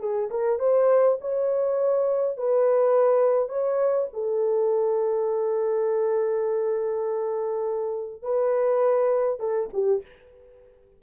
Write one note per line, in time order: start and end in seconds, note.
0.00 0.29 G#4
0.30 0.59 A#4
0.59 1.18 C5
1.21 2.37 C#5
2.37 3.49 B4
3.49 4.07 C#5
4.13 8.22 A4
8.22 9.39 B4
9.39 9.69 A4
9.73 10.02 G4